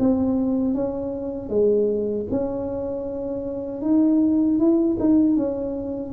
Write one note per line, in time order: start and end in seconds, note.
0.00 0.75 C4
0.75 1.50 C#4
1.50 2.27 G#3
2.31 3.82 C#4
3.82 4.59 D#4
4.59 4.98 E4
5.00 5.37 D#4
5.37 6.14 C#4